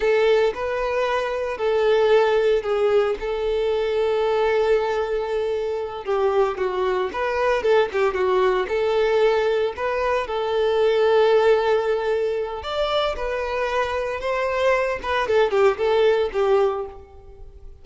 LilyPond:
\new Staff \with { instrumentName = "violin" } { \time 4/4 \tempo 4 = 114 a'4 b'2 a'4~ | a'4 gis'4 a'2~ | a'2.~ a'8 g'8~ | g'8 fis'4 b'4 a'8 g'8 fis'8~ |
fis'8 a'2 b'4 a'8~ | a'1 | d''4 b'2 c''4~ | c''8 b'8 a'8 g'8 a'4 g'4 | }